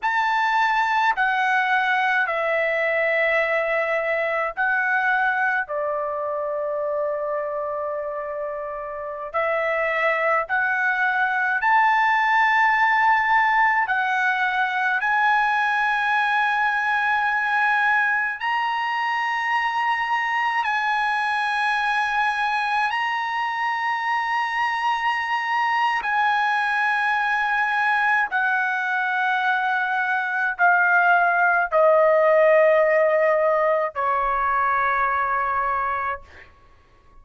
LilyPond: \new Staff \with { instrumentName = "trumpet" } { \time 4/4 \tempo 4 = 53 a''4 fis''4 e''2 | fis''4 d''2.~ | d''16 e''4 fis''4 a''4.~ a''16~ | a''16 fis''4 gis''2~ gis''8.~ |
gis''16 ais''2 gis''4.~ gis''16~ | gis''16 ais''2~ ais''8. gis''4~ | gis''4 fis''2 f''4 | dis''2 cis''2 | }